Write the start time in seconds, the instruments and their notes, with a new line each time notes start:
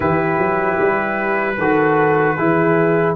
0.00 tuba E3, trombone E4, horn G4, trumpet B4
0.38 tuba F#3
0.79 tuba G3
1.57 tuba D#3, trombone F#4, horn A4
2.37 tuba E3, trombone E4, horn G#4